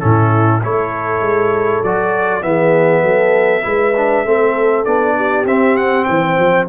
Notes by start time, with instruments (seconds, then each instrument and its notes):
0.00 tuba A2, trombone C#4, horn E4, trumpet A4
0.63 tuba A3, trombone E4, horn A4, trumpet C#5
1.21 tuba G#3
1.83 tuba F#3, trombone F#4, trumpet D5
2.42 tuba E3, trombone B3, horn G#4, trumpet E5
3.03 tuba F#3, horn A4
3.62 tuba G#3, trombone E4, horn B4
3.96 trombone D4
4.24 tuba A3, trombone C4, horn A4
4.85 tuba B3, trombone D4, trumpet D5
5.17 horn G4
5.45 tuba C4, trombone C4, trumpet E5
5.77 trumpet F#5
6.04 tuba E3, horn C5, trumpet G5
6.38 tuba F3